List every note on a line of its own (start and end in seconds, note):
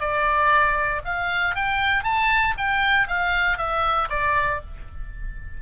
0.00 1.02 D5
1.05 1.55 F5
1.55 2.04 G5
2.04 2.54 A5
2.57 3.07 G5
3.07 3.58 F5
3.58 4.08 E5
4.10 4.60 D5